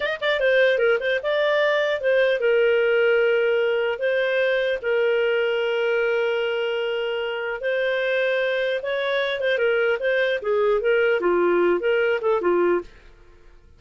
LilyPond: \new Staff \with { instrumentName = "clarinet" } { \time 4/4 \tempo 4 = 150 dis''8 d''8 c''4 ais'8 c''8 d''4~ | d''4 c''4 ais'2~ | ais'2 c''2 | ais'1~ |
ais'2. c''4~ | c''2 cis''4. c''8 | ais'4 c''4 gis'4 ais'4 | f'4. ais'4 a'8 f'4 | }